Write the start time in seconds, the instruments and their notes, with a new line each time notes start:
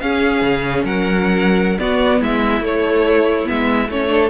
0.00 viola C#4, cello C#4, violin G#4 F5
0.41 cello C#3
0.84 cello F#3, violin A#4 F#5
1.79 viola B3, cello B3, violin F#4 D5
2.20 cello G#3, violin E4 E5
2.61 cello A3, viola A3, violin C#5
3.45 cello G#3, viola B3, violin E5
3.89 cello A3, viola C#4, violin C#5
4.08 viola D4, violin A4